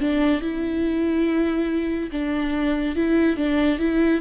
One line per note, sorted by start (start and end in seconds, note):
0.00 0.41 D4
0.41 2.10 E4
2.12 2.96 D4
2.96 3.36 E4
3.36 3.79 D4
3.79 4.21 E4